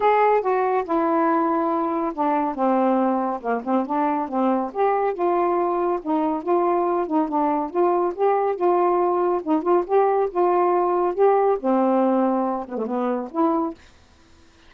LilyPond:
\new Staff \with { instrumentName = "saxophone" } { \time 4/4 \tempo 4 = 140 gis'4 fis'4 e'2~ | e'4 d'4 c'2 | ais8 c'8 d'4 c'4 g'4 | f'2 dis'4 f'4~ |
f'8 dis'8 d'4 f'4 g'4 | f'2 dis'8 f'8 g'4 | f'2 g'4 c'4~ | c'4. b16 a16 b4 e'4 | }